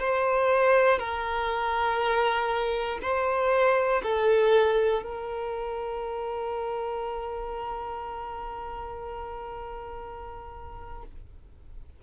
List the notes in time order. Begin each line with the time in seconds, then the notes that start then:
0.00 C5
0.99 A#4
3.03 C5
4.04 A4
5.04 A#4